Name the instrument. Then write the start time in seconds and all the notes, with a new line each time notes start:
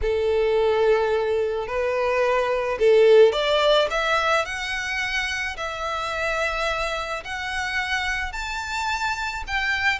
violin
0.01 A4
1.67 B4
2.79 A4
3.32 D5
3.90 E5
4.45 F#5
5.57 E5
7.24 F#5
8.32 A5
9.47 G5